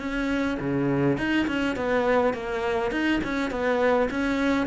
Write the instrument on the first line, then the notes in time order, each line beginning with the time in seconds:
cello
0.00 C#4
0.60 C#3
1.18 D#4
1.47 C#4
1.76 B3
2.34 A#3
2.92 D#4
3.24 C#4
3.51 B3
4.11 C#4